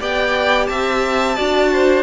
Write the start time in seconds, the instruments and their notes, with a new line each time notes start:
0.00 cello B3, viola G4, violin D5 G5
0.66 cello C4, violin E5 A5
1.35 cello D4, viola F#4, violin D5
1.72 violin C5